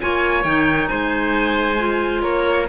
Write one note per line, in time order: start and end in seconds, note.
0.00 0.44 A#3
0.00 0.44 F4
0.00 0.89 C#5
0.00 0.43 G#5
0.43 0.89 D#3
0.43 1.78 D#4
0.43 0.87 G5
0.87 2.24 G#3
0.87 2.22 C5
0.87 2.21 G#5
1.78 2.67 F4
2.21 2.68 A#3
2.21 2.67 A#4
2.21 2.66 C#5